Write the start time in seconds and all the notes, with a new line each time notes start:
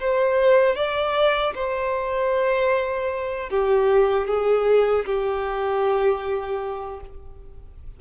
0.00 C5
0.75 D5
1.54 C5
3.50 G4
4.27 G#4
5.05 G4